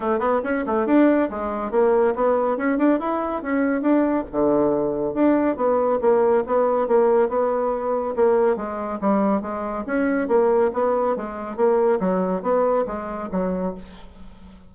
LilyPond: \new Staff \with { instrumentName = "bassoon" } { \time 4/4 \tempo 4 = 140 a8 b8 cis'8 a8 d'4 gis4 | ais4 b4 cis'8 d'8 e'4 | cis'4 d'4 d2 | d'4 b4 ais4 b4 |
ais4 b2 ais4 | gis4 g4 gis4 cis'4 | ais4 b4 gis4 ais4 | fis4 b4 gis4 fis4 | }